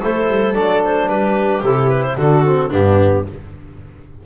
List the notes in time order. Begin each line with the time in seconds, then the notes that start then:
0.00 A3 E4 A4 C5
0.28 G3
0.54 F#3 D4 D5
0.84 C5
1.07 G3 G4 B4
1.62 C3 E4 A4
1.89 B4
2.03 C5
2.17 D3 D4 F#4 A4
2.45 C4
2.69 G2 B3 D4 G4